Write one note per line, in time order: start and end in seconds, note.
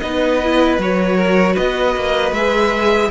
0.00 0.79 B3
0.00 0.42 D#4
0.00 1.17 B4
0.00 0.78 D#5
0.44 0.81 E4
0.79 1.56 F#3
0.79 2.36 F#4
0.79 1.57 C#5
1.17 1.53 A#4
1.53 3.09 B4
1.53 2.34 D#5
1.59 1.96 B3
1.96 2.32 A#3
2.32 3.10 G#3
2.32 3.11 G#4
2.32 3.11 E5